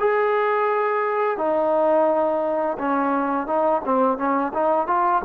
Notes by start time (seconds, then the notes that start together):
0.00 G#4
1.38 D#4
2.79 C#4
3.47 D#4
3.85 C4
4.18 C#4
4.54 D#4
4.87 F4